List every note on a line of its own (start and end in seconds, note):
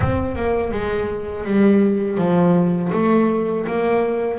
0.00 0.35 C4
0.35 0.71 A#3
0.71 1.44 G#3
1.44 2.17 G3
2.18 2.91 F3
2.92 3.66 A3
3.67 4.38 A#3